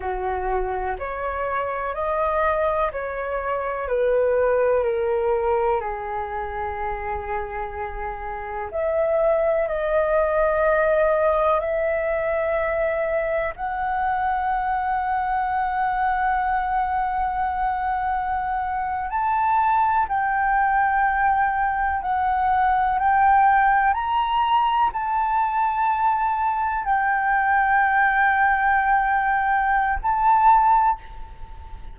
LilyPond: \new Staff \with { instrumentName = "flute" } { \time 4/4 \tempo 4 = 62 fis'4 cis''4 dis''4 cis''4 | b'4 ais'4 gis'2~ | gis'4 e''4 dis''2 | e''2 fis''2~ |
fis''2.~ fis''8. a''16~ | a''8. g''2 fis''4 g''16~ | g''8. ais''4 a''2 g''16~ | g''2. a''4 | }